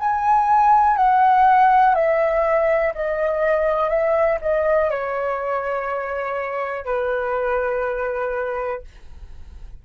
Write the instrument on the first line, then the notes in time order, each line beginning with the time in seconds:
flute
0.00 G#5
0.97 F#5
1.95 E5
2.95 D#5
3.90 E5
4.42 D#5
4.91 C#5
6.85 B4